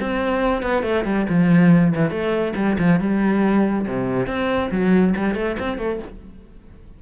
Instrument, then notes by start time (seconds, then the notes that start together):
cello
0.00 C4
0.62 B3
0.83 A3
1.04 G3
1.29 F3
1.95 E3
2.10 A3
2.55 G3
2.78 F3
3.00 G3
3.87 C3
4.27 C4
4.71 F#3
5.16 G3
5.34 A3
5.59 C4
5.78 A3